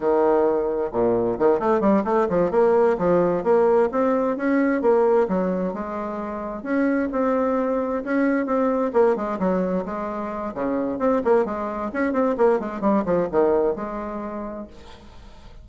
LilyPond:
\new Staff \with { instrumentName = "bassoon" } { \time 4/4 \tempo 4 = 131 dis2 ais,4 dis8 a8 | g8 a8 f8 ais4 f4 ais8~ | ais8 c'4 cis'4 ais4 fis8~ | fis8 gis2 cis'4 c'8~ |
c'4. cis'4 c'4 ais8 | gis8 fis4 gis4. cis4 | c'8 ais8 gis4 cis'8 c'8 ais8 gis8 | g8 f8 dis4 gis2 | }